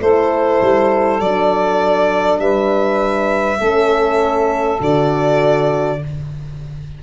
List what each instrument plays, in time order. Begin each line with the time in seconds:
0.00 tuba A3, horn E4, saxophone A4, violin C5
0.61 tuba G3
1.20 tuba F#3, horn D4, violin D5
2.39 tuba G3, saxophone B4, violin E5
3.58 tuba A3, horn C#4, saxophone A4
4.78 tuba D3, horn F#4, violin D5